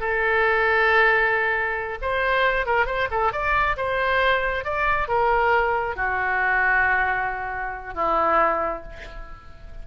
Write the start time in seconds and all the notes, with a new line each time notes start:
0.00 A4
2.02 C5
2.66 A#4
2.86 C5
3.11 A4
3.32 D5
3.77 C5
4.64 D5
5.08 A#4
5.96 F#4
7.95 E4